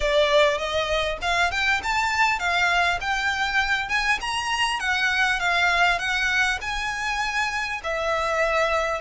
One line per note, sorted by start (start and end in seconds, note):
0.00 0.58 D5
0.58 1.18 D#5
1.21 1.51 F5
1.51 1.81 G5
1.83 2.39 A5
2.39 2.99 F5
3.01 3.88 G5
3.88 4.18 G#5
4.21 4.79 A#5
4.79 5.39 F#5
5.39 5.98 F5
5.98 6.58 F#5
6.61 7.81 G#5
7.83 9.01 E5